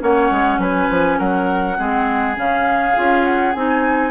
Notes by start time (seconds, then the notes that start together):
0.00 A#3 C#4 C#5 F#5
0.31 G#3
0.58 F#3 B4 G#5
0.90 F3
1.19 F#3 A#4 F#5
1.78 G#3 C4 G#4
2.36 C#3 C#4 F5
2.96 C#4 F4
3.25 F#5
3.53 C4 D#4 G#5